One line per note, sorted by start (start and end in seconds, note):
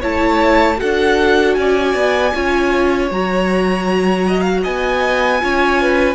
0.00 0.81 A3
0.00 0.77 E4
0.00 0.77 C#5
0.00 0.80 A5
0.77 1.57 D4
0.77 2.31 F#4
0.77 1.56 A4
0.77 1.54 F#5
1.54 1.94 C#4
1.54 2.35 D5
1.54 3.08 G#5
1.94 2.33 B3
2.34 3.11 C#4
2.34 3.11 F4
2.34 4.27 C#5
3.11 4.65 F#3
3.11 5.40 F#4
3.11 4.64 A#5
4.27 4.41 D#5
4.41 4.60 F5
4.63 5.42 B3
4.63 5.40 D#5
4.63 6.15 G#5
5.40 6.15 C#4
5.40 6.15 F4
5.40 5.81 C#5
5.81 6.15 B4